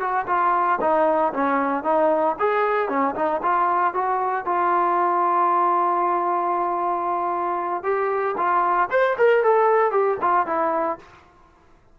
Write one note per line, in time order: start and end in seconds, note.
0.00 0.26 F#4
0.27 0.79 F4
0.81 1.33 D#4
1.33 1.84 C#4
1.84 2.36 D#4
2.39 2.89 G#4
2.89 3.15 C#4
3.15 3.41 D#4
3.42 3.94 F4
3.94 4.45 F#4
4.45 7.83 F4
7.83 8.35 G4
8.37 8.89 F4
8.90 9.16 C5
9.18 9.43 A#4
9.43 9.91 A4
9.91 10.17 G4
10.21 10.46 F4
10.46 10.98 E4